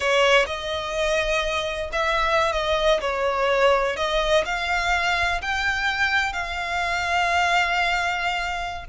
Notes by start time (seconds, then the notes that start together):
0.00 C#5
0.46 D#5
1.92 E5
2.52 D#5
3.00 C#5
3.96 D#5
4.45 F5
5.41 G5
6.33 F5